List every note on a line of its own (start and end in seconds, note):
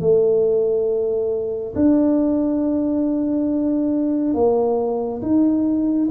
0.00 1.74 A3
1.76 4.34 D4
4.34 5.21 A#3
5.22 6.09 D#4